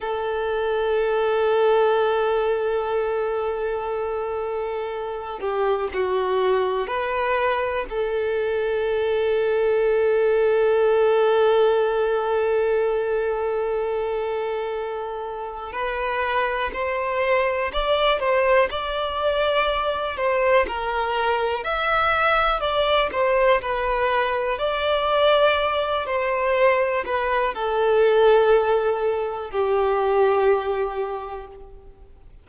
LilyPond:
\new Staff \with { instrumentName = "violin" } { \time 4/4 \tempo 4 = 61 a'1~ | a'4. g'8 fis'4 b'4 | a'1~ | a'1 |
b'4 c''4 d''8 c''8 d''4~ | d''8 c''8 ais'4 e''4 d''8 c''8 | b'4 d''4. c''4 b'8 | a'2 g'2 | }